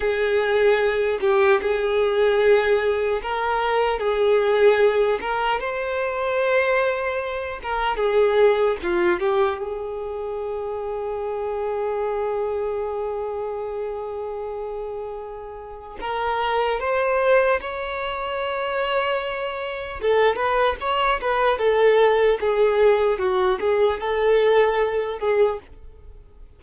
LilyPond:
\new Staff \with { instrumentName = "violin" } { \time 4/4 \tempo 4 = 75 gis'4. g'8 gis'2 | ais'4 gis'4. ais'8 c''4~ | c''4. ais'8 gis'4 f'8 g'8 | gis'1~ |
gis'1 | ais'4 c''4 cis''2~ | cis''4 a'8 b'8 cis''8 b'8 a'4 | gis'4 fis'8 gis'8 a'4. gis'8 | }